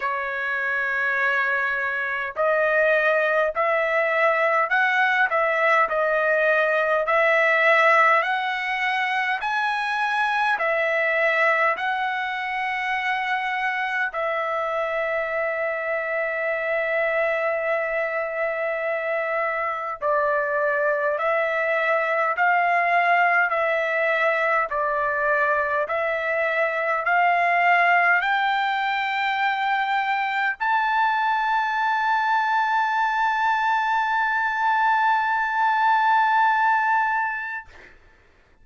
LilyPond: \new Staff \with { instrumentName = "trumpet" } { \time 4/4 \tempo 4 = 51 cis''2 dis''4 e''4 | fis''8 e''8 dis''4 e''4 fis''4 | gis''4 e''4 fis''2 | e''1~ |
e''4 d''4 e''4 f''4 | e''4 d''4 e''4 f''4 | g''2 a''2~ | a''1 | }